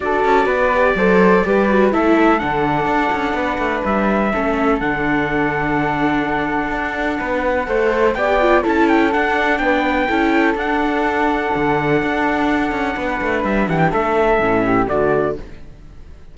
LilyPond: <<
  \new Staff \with { instrumentName = "trumpet" } { \time 4/4 \tempo 4 = 125 d''1 | e''4 fis''2. | e''2 fis''2~ | fis''1~ |
fis''4 g''4 a''8 g''8 fis''4 | g''2 fis''2~ | fis''1 | e''8 fis''16 g''16 e''2 d''4 | }
  \new Staff \with { instrumentName = "flute" } { \time 4/4 a'4 b'4 c''4 b'4 | a'2. b'4~ | b'4 a'2.~ | a'2. b'4 |
c''4 d''4 a'2 | b'4 a'2.~ | a'2. b'4~ | b'8 g'8 a'4. g'8 fis'4 | }
  \new Staff \with { instrumentName = "viola" } { \time 4/4 fis'4. g'8 a'4 g'8 fis'8 | e'4 d'2.~ | d'4 cis'4 d'2~ | d'1 |
a'4 g'8 f'8 e'4 d'4~ | d'4 e'4 d'2~ | d'1~ | d'2 cis'4 a4 | }
  \new Staff \with { instrumentName = "cello" } { \time 4/4 d'8 cis'8 b4 fis4 g4 | a4 d4 d'8 cis'8 b8 a8 | g4 a4 d2~ | d2 d'4 b4 |
a4 b4 cis'4 d'4 | b4 cis'4 d'2 | d4 d'4. cis'8 b8 a8 | g8 e8 a4 a,4 d4 | }
>>